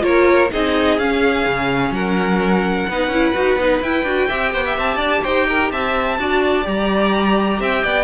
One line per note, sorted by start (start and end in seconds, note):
0.00 0.50 A#3
0.00 0.47 F4
0.00 0.51 A#4
0.00 0.50 C#5
0.52 0.98 C4
0.52 0.99 D#4
0.52 1.94 G#4
0.52 0.99 D#5
0.98 1.45 C#4
0.98 2.89 C#4
0.98 1.93 F5
1.46 1.90 C#3
1.90 2.85 F#3
1.90 2.89 A#4
1.90 3.82 F#5
2.89 3.07 B3
2.89 3.11 D#4
2.89 4.28 B4
3.07 3.31 C#4
3.07 3.34 E4
3.34 3.56 D#4
3.34 3.58 F#4
3.56 3.80 B3
3.56 3.83 D#4
3.81 4.03 E4
3.81 4.06 E4
3.81 4.77 G5
4.03 4.27 D4
4.03 4.29 F#4
4.28 4.54 C4
4.28 6.18 G4
4.28 4.52 E5
4.52 4.77 B3
4.52 4.64 C5
4.65 4.97 E5
4.77 4.96 C4
4.77 5.24 A5
4.96 5.20 D4
4.96 5.20 D5
5.23 5.71 D#4
5.23 5.47 C5
5.23 5.71 G5
5.48 5.72 A#4
5.71 6.18 C4
5.71 6.19 E5
5.71 6.66 A5
6.18 6.65 D4
6.18 6.62 F#4
6.18 7.60 D5
6.62 7.60 G3
6.62 8.04 G4
6.62 7.62 A#5
7.60 7.83 C4
7.60 7.83 E5
7.60 8.04 G5
7.83 8.04 B3
7.83 8.04 D5